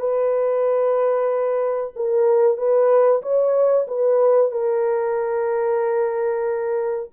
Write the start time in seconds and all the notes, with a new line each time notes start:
0.00 B4
1.96 A#4
2.58 B4
3.23 C#5
3.88 B4
4.52 A#4